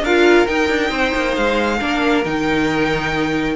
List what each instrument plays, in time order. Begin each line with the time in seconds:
0.00 cello D4, violin A#4 F5
0.06 viola F4
0.46 viola D#4, cello D#4, violin G5
0.69 cello D4
0.90 cello C4, violin C5
1.15 cello A#3
1.36 cello G#3, violin F5
1.80 cello A#3, viola D4, violin A#4
2.25 cello D#3, viola D#4, violin G5